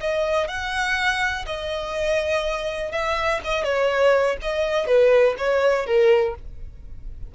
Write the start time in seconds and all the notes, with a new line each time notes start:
0.00 D#5
0.48 F#5
1.46 D#5
2.92 E5
3.44 D#5
3.64 C#5
4.42 D#5
4.87 B4
5.38 C#5
5.86 A#4